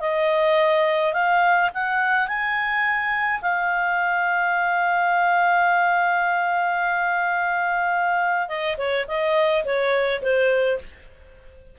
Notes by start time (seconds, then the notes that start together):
0.00 D#5
1.13 F5
1.74 F#5
2.27 G#5
3.41 F5
8.48 D#5
8.77 C#5
9.07 D#5
9.65 C#5
10.22 C5